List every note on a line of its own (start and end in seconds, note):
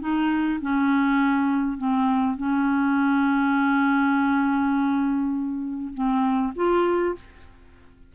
0.00 0.59 D#4
0.61 1.78 C#4
1.78 2.37 C4
2.37 5.93 C#4
5.94 6.53 C4
6.56 7.15 F4